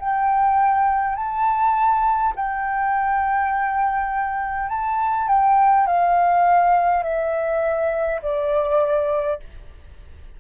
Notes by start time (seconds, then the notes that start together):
0.00 G5
1.16 A5
2.36 G5
4.69 A5
5.28 G5
5.87 F5
7.03 E5
8.22 D5